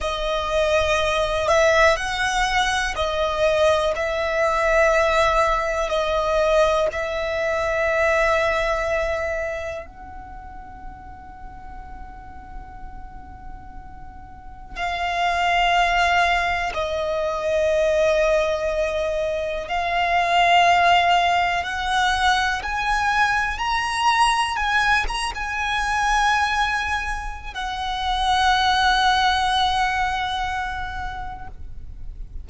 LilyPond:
\new Staff \with { instrumentName = "violin" } { \time 4/4 \tempo 4 = 61 dis''4. e''8 fis''4 dis''4 | e''2 dis''4 e''4~ | e''2 fis''2~ | fis''2. f''4~ |
f''4 dis''2. | f''2 fis''4 gis''4 | ais''4 gis''8 ais''16 gis''2~ gis''16 | fis''1 | }